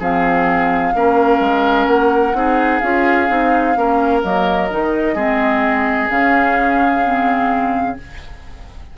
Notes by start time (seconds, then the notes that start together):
0.00 F3 C4 G#4 F5
0.95 A#3 C#4 A#4
1.40 G#3
1.87 A#3 F#5
2.34 C4 D#4 G#4
2.80 C#4 F4 F5
3.28 C4 D#4
3.75 A#3 C#4 A#4
4.22 F#3 A#3 D#5
4.70 D#3 D#4
5.15 G#3 C4 G#4
6.09 C#3 C#4 F5
7.04 C4